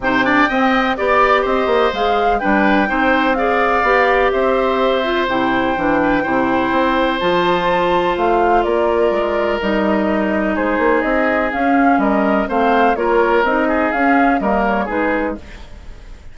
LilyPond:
<<
  \new Staff \with { instrumentName = "flute" } { \time 4/4 \tempo 4 = 125 g''2 d''4 dis''4 | f''4 g''2 f''4~ | f''4 e''2 g''4~ | g''2. a''4~ |
a''4 f''4 d''2 | dis''2 c''4 dis''4 | f''4 dis''4 f''4 cis''4 | dis''4 f''4 dis''8 cis''8 b'4 | }
  \new Staff \with { instrumentName = "oboe" } { \time 4/4 c''8 d''8 dis''4 d''4 c''4~ | c''4 b'4 c''4 d''4~ | d''4 c''2.~ | c''8 b'8 c''2.~ |
c''2 ais'2~ | ais'2 gis'2~ | gis'4 ais'4 c''4 ais'4~ | ais'8 gis'4. ais'4 gis'4 | }
  \new Staff \with { instrumentName = "clarinet" } { \time 4/4 dis'8 d'8 c'4 g'2 | gis'4 d'4 dis'4 gis'4 | g'2~ g'8 f'8 e'4 | d'4 e'2 f'4~ |
f'1 | dis'1 | cis'2 c'4 f'4 | dis'4 cis'4 ais4 dis'4 | }
  \new Staff \with { instrumentName = "bassoon" } { \time 4/4 c4 c'4 b4 c'8 ais8 | gis4 g4 c'2 | b4 c'2 c4 | e4 c4 c'4 f4~ |
f4 a4 ais4 gis4 | g2 gis8 ais8 c'4 | cis'4 g4 a4 ais4 | c'4 cis'4 g4 gis4 | }
>>